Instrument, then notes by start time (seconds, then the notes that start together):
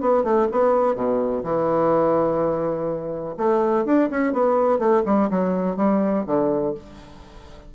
bassoon
0.00 B3
0.23 A3
0.51 B3
0.95 B2
1.43 E3
3.37 A3
3.85 D4
4.10 C#4
4.32 B3
4.78 A3
5.05 G3
5.29 F#3
5.76 G3
6.26 D3